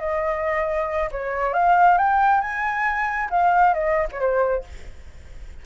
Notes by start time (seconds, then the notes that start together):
0.00 D#5
1.12 C#5
1.54 F5
1.98 G5
2.41 G#5
3.31 F5
3.74 D#5
4.12 C#5
4.20 C5